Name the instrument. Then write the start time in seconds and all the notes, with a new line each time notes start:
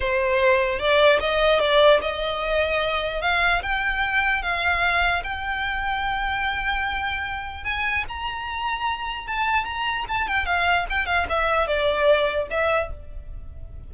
violin
0.00 C5
0.79 D5
1.20 D#5
1.59 D5
2.01 D#5
3.21 F5
3.62 G5
4.42 F5
5.23 G5
7.64 G#5
8.08 A#5
9.27 A5
9.64 A#5
10.08 A5
10.27 G5
10.45 F5
10.89 G5
11.06 F5
11.29 E5
11.67 D5
12.50 E5